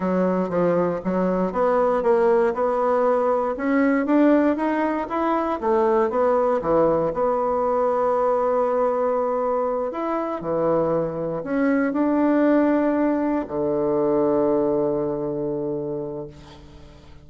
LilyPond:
\new Staff \with { instrumentName = "bassoon" } { \time 4/4 \tempo 4 = 118 fis4 f4 fis4 b4 | ais4 b2 cis'4 | d'4 dis'4 e'4 a4 | b4 e4 b2~ |
b2.~ b8 e'8~ | e'8 e2 cis'4 d'8~ | d'2~ d'8 d4.~ | d1 | }